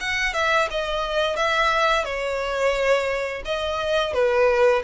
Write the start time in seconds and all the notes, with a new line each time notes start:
0.00 F#5
0.34 E5
0.70 D#5
1.36 E5
2.05 C#5
3.45 D#5
4.13 B4